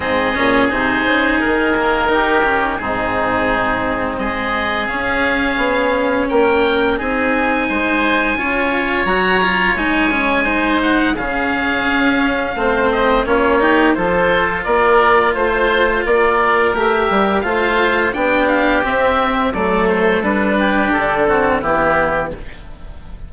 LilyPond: <<
  \new Staff \with { instrumentName = "oboe" } { \time 4/4 \tempo 4 = 86 dis''4 c''4 ais'2 | gis'2 dis''4 f''4~ | f''4 g''4 gis''2~ | gis''4 ais''4 gis''4. fis''8 |
f''2~ f''8 dis''8 cis''4 | c''4 d''4 c''4 d''4 | e''4 f''4 g''8 f''8 e''4 | d''8 c''8 b'4 a'4 g'4 | }
  \new Staff \with { instrumentName = "oboe" } { \time 4/4 gis'2. g'4 | dis'2 gis'2~ | gis'4 ais'4 gis'4 c''4 | cis''2. c''4 |
gis'2 c''4 f'8 g'8 | a'4 ais'4 c''4 ais'4~ | ais'4 c''4 g'2 | a'4. g'4 fis'8 e'4 | }
  \new Staff \with { instrumentName = "cello" } { \time 4/4 c'8 cis'8 dis'4. ais8 dis'8 cis'8 | c'2. cis'4~ | cis'2 dis'2 | f'4 fis'8 f'8 dis'8 cis'8 dis'4 |
cis'2 c'4 cis'8 dis'8 | f'1 | g'4 f'4 d'4 c'4 | a4 d'4. c'8 b4 | }
  \new Staff \with { instrumentName = "bassoon" } { \time 4/4 gis,8 ais,8 c8 cis8 dis2 | gis,2 gis4 cis'4 | b4 ais4 c'4 gis4 | cis'4 fis4 gis2 |
cis4 cis'4 a4 ais4 | f4 ais4 a4 ais4 | a8 g8 a4 b4 c'4 | fis4 g4 d4 e4 | }
>>